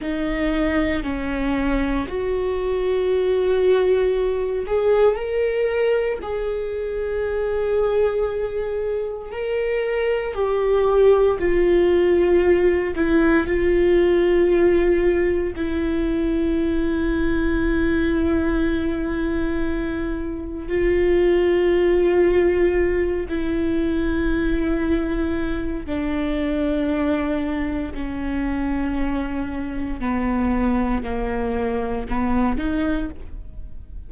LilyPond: \new Staff \with { instrumentName = "viola" } { \time 4/4 \tempo 4 = 58 dis'4 cis'4 fis'2~ | fis'8 gis'8 ais'4 gis'2~ | gis'4 ais'4 g'4 f'4~ | f'8 e'8 f'2 e'4~ |
e'1 | f'2~ f'8 e'4.~ | e'4 d'2 cis'4~ | cis'4 b4 ais4 b8 dis'8 | }